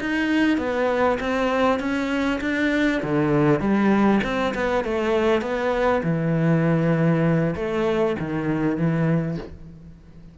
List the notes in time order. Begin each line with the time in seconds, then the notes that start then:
0.00 D#4
0.57 B3
1.20 C4
1.79 C#4
2.40 D4
3.02 D3
3.60 G3
4.23 C4
4.54 B3
4.84 A3
5.41 B3
6.03 E3
7.55 A3
8.19 D#3
8.77 E3